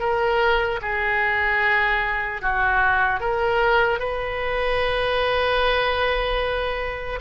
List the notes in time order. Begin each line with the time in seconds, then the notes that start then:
0.00 A#4
0.82 G#4
2.42 F#4
3.20 A#4
4.00 B4